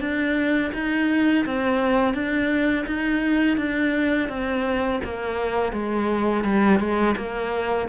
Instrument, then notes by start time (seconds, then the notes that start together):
cello
0.00 D4
0.74 D#4
1.45 C4
2.14 D4
2.87 D#4
3.57 D4
4.29 C4
5.04 A#3
5.73 G#3
6.44 G3
6.80 G#3
7.17 A#3